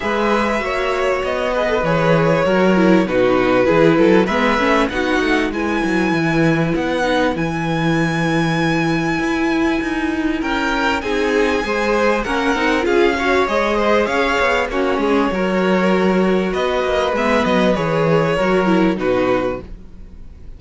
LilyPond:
<<
  \new Staff \with { instrumentName = "violin" } { \time 4/4 \tempo 4 = 98 e''2 dis''4 cis''4~ | cis''4 b'2 e''4 | fis''4 gis''2 fis''4 | gis''1~ |
gis''4 g''4 gis''2 | fis''4 f''4 dis''4 f''4 | cis''2. dis''4 | e''8 dis''8 cis''2 b'4 | }
  \new Staff \with { instrumentName = "violin" } { \time 4/4 b'4 cis''4. b'4. | ais'4 fis'4 gis'8 a'8 b'4 | fis'4 b'2.~ | b'1~ |
b'4 ais'4 gis'4 c''4 | ais'4 gis'8 cis''4 c''8 cis''4 | fis'8 gis'8 ais'2 b'4~ | b'2 ais'4 fis'4 | }
  \new Staff \with { instrumentName = "viola" } { \time 4/4 gis'4 fis'4. gis'16 a'16 gis'4 | fis'8 e'8 dis'4 e'4 b8 cis'8 | dis'4 e'2~ e'8 dis'8 | e'1~ |
e'2 dis'4 gis'4 | cis'8 dis'8 f'8 fis'8 gis'2 | cis'4 fis'2. | b4 gis'4 fis'8 e'8 dis'4 | }
  \new Staff \with { instrumentName = "cello" } { \time 4/4 gis4 ais4 b4 e4 | fis4 b,4 e8 fis8 gis8 a8 | b8 a8 gis8 fis8 e4 b4 | e2. e'4 |
dis'4 cis'4 c'4 gis4 | ais8 c'8 cis'4 gis4 cis'8 b8 | ais8 gis8 fis2 b8 ais8 | gis8 fis8 e4 fis4 b,4 | }
>>